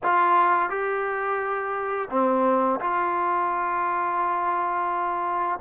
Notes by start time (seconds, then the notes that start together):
0.03 F4
0.69 G4
2.10 C4
2.80 F4